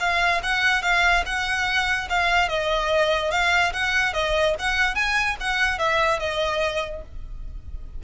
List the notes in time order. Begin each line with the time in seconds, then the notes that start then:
0.00 F5
0.43 F#5
0.83 F5
1.26 F#5
2.10 F5
2.49 D#5
3.31 F5
3.73 F#5
4.14 D#5
4.59 F#5
4.95 G#5
5.41 F#5
5.79 E5
6.20 D#5